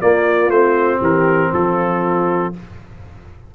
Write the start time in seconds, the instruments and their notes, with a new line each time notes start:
0.00 trombone A#3, tuba A#3, horn F4, trumpet D5
0.49 tuba A3, trombone C4, trumpet C5
1.00 tuba E3, horn G4, trumpet A#4
1.53 tuba F3, horn F4, trumpet A4